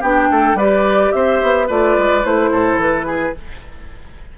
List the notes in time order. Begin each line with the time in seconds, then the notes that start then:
0.00 B3 D4 G4 G5
0.31 A3 A4
0.54 G3 G4 B4 D5
1.12 C4 C5 E5
1.43 B3
1.67 A3 F4 B4 D5
1.98 G#3
2.23 A3 E4 C5
2.52 A2 A4
2.78 E3 B4
3.06 G#4